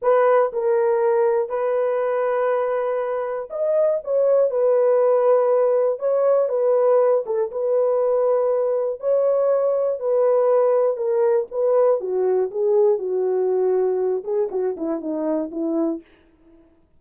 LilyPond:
\new Staff \with { instrumentName = "horn" } { \time 4/4 \tempo 4 = 120 b'4 ais'2 b'4~ | b'2. dis''4 | cis''4 b'2. | cis''4 b'4. a'8 b'4~ |
b'2 cis''2 | b'2 ais'4 b'4 | fis'4 gis'4 fis'2~ | fis'8 gis'8 fis'8 e'8 dis'4 e'4 | }